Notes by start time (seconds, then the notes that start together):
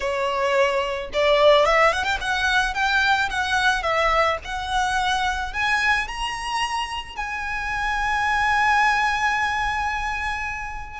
0.00 C#5
1.13 D5
1.65 E5
1.92 F#5
2.04 G5
2.20 F#5
2.74 G5
3.29 F#5
3.82 E5
4.44 F#5
5.53 G#5
6.07 A#5
7.16 G#5